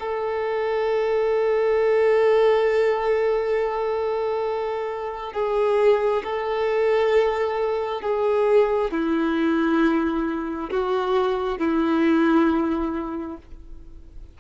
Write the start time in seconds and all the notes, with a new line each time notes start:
0.00 A4
5.33 G#4
6.24 A4
8.02 G#4
8.91 E4
10.71 F#4
11.58 E4